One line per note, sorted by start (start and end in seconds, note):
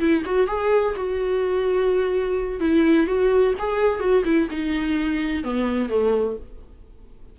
0.00 0.24 E4
0.26 0.48 F#4
0.48 0.95 G#4
0.96 2.60 F#4
2.60 3.07 E4
3.07 3.54 F#4
3.59 4.00 G#4
4.00 4.23 F#4
4.25 4.49 E4
4.51 5.44 D#4
5.44 5.90 B3
5.90 6.37 A3